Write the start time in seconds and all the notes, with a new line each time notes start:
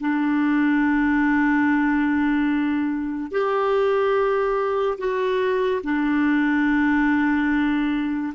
0.00 D4
3.31 G4
4.98 F#4
5.83 D4